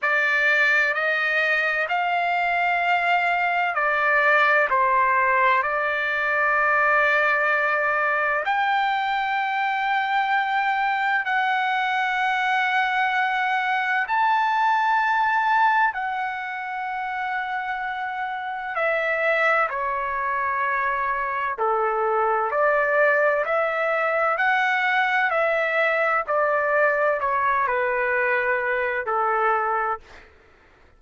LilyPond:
\new Staff \with { instrumentName = "trumpet" } { \time 4/4 \tempo 4 = 64 d''4 dis''4 f''2 | d''4 c''4 d''2~ | d''4 g''2. | fis''2. a''4~ |
a''4 fis''2. | e''4 cis''2 a'4 | d''4 e''4 fis''4 e''4 | d''4 cis''8 b'4. a'4 | }